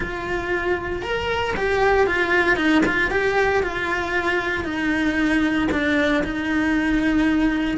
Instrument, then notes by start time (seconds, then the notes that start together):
cello
0.00 F4
1.02 A#4
1.56 G4
2.06 F4
2.56 D#4
2.86 F4
3.11 G4
3.62 F4
4.64 D#4
5.71 D4
6.23 D#4